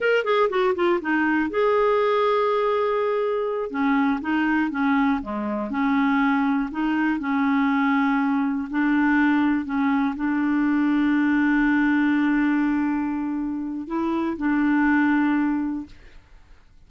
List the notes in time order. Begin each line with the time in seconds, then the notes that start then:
0.00 A#4
0.24 G#4
0.49 F#4
0.75 F4
1.01 D#4
1.50 G#4
3.70 C#4
4.21 D#4
4.71 C#4
5.22 G#3
5.70 C#4
6.71 D#4
7.19 C#4
8.70 D4
9.65 C#4
10.16 D4
13.87 E4
14.37 D4